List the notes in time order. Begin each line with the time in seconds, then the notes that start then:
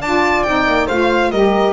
0.00 D4 F4 D5 A5
0.43 C4 D#4 G5
0.66 A#3
0.87 A3 F4 C5 F5
1.31 G3 G4 A#4 D#5